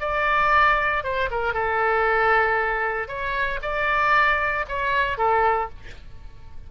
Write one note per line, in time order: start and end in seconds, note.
0.00 1.03 D5
1.03 1.29 C5
1.30 1.54 A#4
1.54 3.08 A4
3.08 3.60 C#5
3.62 4.65 D5
4.68 5.17 C#5
5.17 5.69 A4